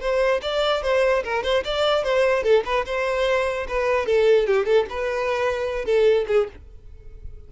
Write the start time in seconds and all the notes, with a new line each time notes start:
0.00 C5
0.42 D5
0.82 C5
1.23 A#4
1.43 C5
1.64 D5
2.03 C5
2.43 A4
2.65 B4
2.86 C5
3.68 B4
4.06 A4
4.47 G4
4.65 A4
4.89 B4
5.85 A4
6.27 G#4